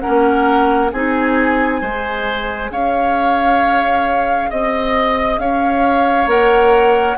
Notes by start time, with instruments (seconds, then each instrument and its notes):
0.00 clarinet C#4, oboe A#4, flute F#5
0.08 bassoon A#3
0.93 bassoon C4, clarinet D#4, oboe G#4, flute G#5
1.82 bassoon G#3, clarinet G#4, oboe C5
2.71 bassoon C#4, oboe C#5, flute F5
4.50 bassoon C4, oboe D#5, flute D#5
5.38 bassoon C#4, oboe C#5, flute F5
6.27 bassoon A#3, clarinet A#4, flute F#5